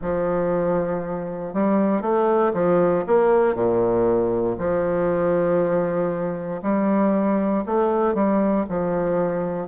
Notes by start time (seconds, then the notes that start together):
0.01 F3
1.53 G3
2.01 A3
2.53 F3
3.06 A#3
3.54 A#2
4.58 F3
6.62 G3
7.65 A3
8.14 G3
8.69 F3